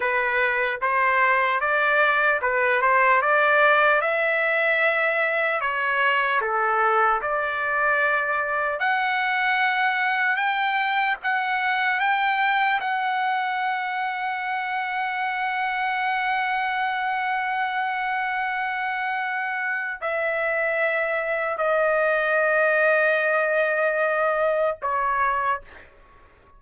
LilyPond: \new Staff \with { instrumentName = "trumpet" } { \time 4/4 \tempo 4 = 75 b'4 c''4 d''4 b'8 c''8 | d''4 e''2 cis''4 | a'4 d''2 fis''4~ | fis''4 g''4 fis''4 g''4 |
fis''1~ | fis''1~ | fis''4 e''2 dis''4~ | dis''2. cis''4 | }